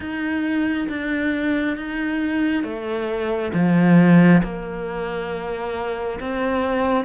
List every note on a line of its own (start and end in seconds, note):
0.00 0.87 D#4
0.88 1.76 D4
1.76 2.63 D#4
2.63 3.51 A3
3.53 4.42 F3
4.43 6.19 A#3
6.20 7.04 C4